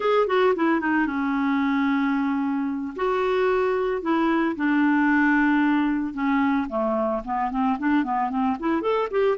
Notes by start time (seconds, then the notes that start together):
0.00 G#4
0.27 F#4
0.55 E4
0.80 D#4
1.06 C#4
2.96 F#4
4.02 E4
4.56 D4
6.13 C#4
6.68 A3
7.24 B3
7.50 C4
7.78 D4
8.04 B3
8.30 C4
8.59 E4
8.81 A4
9.10 G4